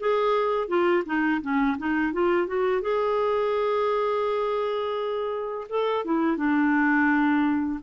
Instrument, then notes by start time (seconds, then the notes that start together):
clarinet
0.00 G#4
0.69 F4
1.06 D#4
1.42 C#4
1.78 D#4
2.13 F4
2.48 F#4
2.82 G#4
5.69 A4
6.06 E4
6.37 D4